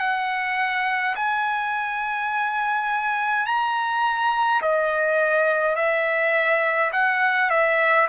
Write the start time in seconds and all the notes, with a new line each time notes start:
0.00 F#5
1.15 G#5
3.46 A#5
4.62 D#5
5.76 E5
6.92 F#5
7.50 E5